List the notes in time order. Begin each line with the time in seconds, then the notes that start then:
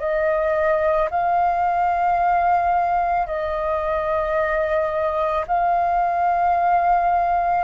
0.00 D#5
1.11 F5
3.27 D#5
5.48 F5